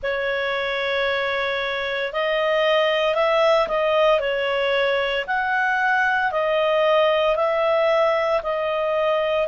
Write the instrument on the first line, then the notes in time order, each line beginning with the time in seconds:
clarinet
0.02 C#5
2.12 D#5
3.14 E5
3.67 D#5
4.20 C#5
5.26 F#5
6.32 D#5
7.35 E5
8.43 D#5